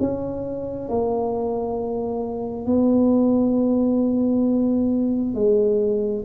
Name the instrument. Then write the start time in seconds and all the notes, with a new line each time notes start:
tuba
0.00 C#4
0.89 A#3
2.66 B3
5.35 G#3